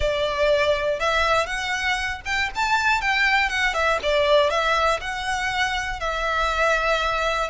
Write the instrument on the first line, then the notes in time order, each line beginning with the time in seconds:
violin
0.00 D5
0.99 E5
1.46 F#5
2.25 G5
2.55 A5
3.01 G5
3.49 F#5
3.74 E5
4.02 D5
4.50 E5
5.00 F#5
6.00 E5